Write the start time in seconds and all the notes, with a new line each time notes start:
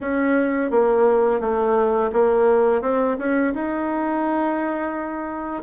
0.00 C#4
0.71 A#3
1.40 A3
2.12 A#3
2.81 C4
3.18 C#4
3.54 D#4